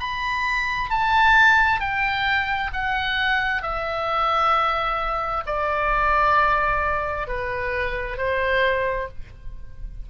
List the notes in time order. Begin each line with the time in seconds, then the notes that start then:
0.00 B5
0.90 A5
1.81 G5
2.73 F#5
3.62 E5
5.46 D5
7.28 B4
8.17 C5